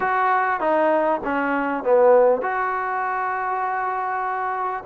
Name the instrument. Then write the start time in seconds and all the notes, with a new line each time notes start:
trombone
0.00 F#4
0.60 D#4
1.24 C#4
1.83 B3
2.41 F#4